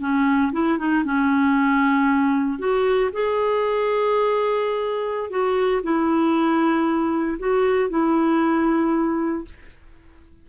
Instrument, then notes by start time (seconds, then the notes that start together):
clarinet
0.00 C#4
0.52 E4
0.78 D#4
1.04 C#4
2.59 F#4
3.13 G#4
5.30 F#4
5.82 E4
7.38 F#4
7.89 E4